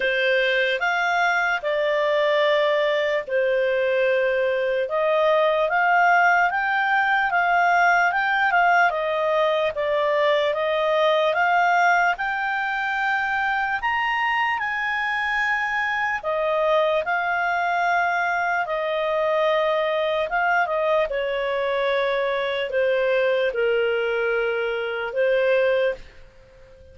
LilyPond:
\new Staff \with { instrumentName = "clarinet" } { \time 4/4 \tempo 4 = 74 c''4 f''4 d''2 | c''2 dis''4 f''4 | g''4 f''4 g''8 f''8 dis''4 | d''4 dis''4 f''4 g''4~ |
g''4 ais''4 gis''2 | dis''4 f''2 dis''4~ | dis''4 f''8 dis''8 cis''2 | c''4 ais'2 c''4 | }